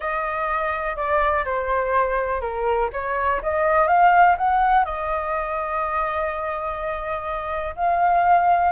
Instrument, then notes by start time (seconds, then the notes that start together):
flute
0.00 D#5
0.96 D5
1.44 C5
2.41 A#4
2.92 C#5
3.42 D#5
3.87 F5
4.37 F#5
4.84 D#5
7.75 F5